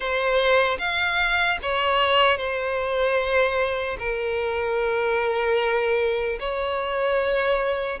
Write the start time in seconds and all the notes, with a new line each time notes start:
0.00 C5
0.78 F5
1.62 C#5
2.37 C5
3.98 A#4
6.39 C#5